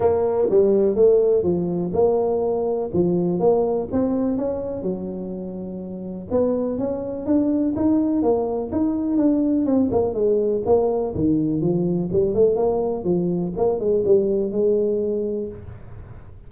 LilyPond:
\new Staff \with { instrumentName = "tuba" } { \time 4/4 \tempo 4 = 124 ais4 g4 a4 f4 | ais2 f4 ais4 | c'4 cis'4 fis2~ | fis4 b4 cis'4 d'4 |
dis'4 ais4 dis'4 d'4 | c'8 ais8 gis4 ais4 dis4 | f4 g8 a8 ais4 f4 | ais8 gis8 g4 gis2 | }